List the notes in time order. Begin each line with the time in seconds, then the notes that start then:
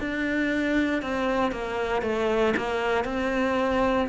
0.00 D4
1.02 C4
1.52 A#3
2.02 A3
2.57 A#3
3.05 C4